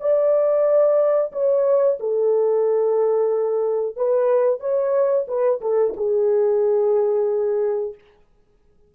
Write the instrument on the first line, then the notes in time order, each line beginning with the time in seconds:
horn
0.00 D5
1.32 C#5
2.00 A4
3.96 B4
4.60 C#5
5.27 B4
5.61 A4
5.97 G#4